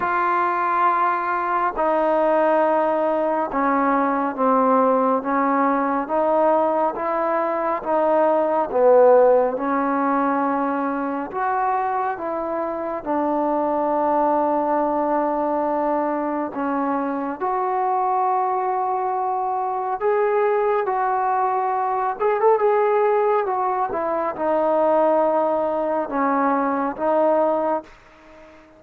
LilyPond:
\new Staff \with { instrumentName = "trombone" } { \time 4/4 \tempo 4 = 69 f'2 dis'2 | cis'4 c'4 cis'4 dis'4 | e'4 dis'4 b4 cis'4~ | cis'4 fis'4 e'4 d'4~ |
d'2. cis'4 | fis'2. gis'4 | fis'4. gis'16 a'16 gis'4 fis'8 e'8 | dis'2 cis'4 dis'4 | }